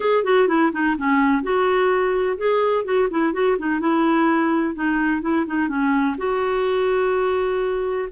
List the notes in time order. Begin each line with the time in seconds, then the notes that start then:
0.00 G#4
0.24 F#4
0.48 E4
0.72 D#4
0.97 C#4
1.43 F#4
2.37 G#4
2.84 F#4
3.10 E4
3.33 F#4
3.58 D#4
3.80 E4
4.74 D#4
5.21 E4
5.46 D#4
5.68 C#4
6.17 F#4